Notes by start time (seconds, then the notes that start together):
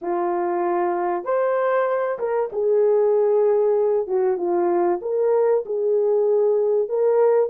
0.01 F4
1.24 C5
2.18 A#4
2.52 G#4
4.07 F#4
4.37 F4
5.01 A#4
5.65 G#4
6.89 A#4